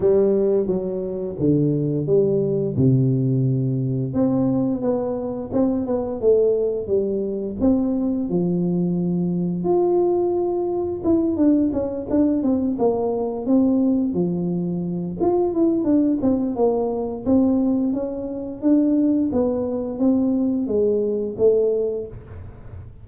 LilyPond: \new Staff \with { instrumentName = "tuba" } { \time 4/4 \tempo 4 = 87 g4 fis4 d4 g4 | c2 c'4 b4 | c'8 b8 a4 g4 c'4 | f2 f'2 |
e'8 d'8 cis'8 d'8 c'8 ais4 c'8~ | c'8 f4. f'8 e'8 d'8 c'8 | ais4 c'4 cis'4 d'4 | b4 c'4 gis4 a4 | }